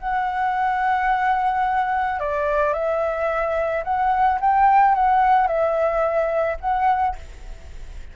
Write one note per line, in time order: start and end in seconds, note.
0.00 2.20 F#5
2.20 2.74 D5
2.74 3.84 E5
3.84 4.39 F#5
4.41 4.95 G5
4.95 5.47 F#5
5.47 6.57 E5
6.61 7.16 F#5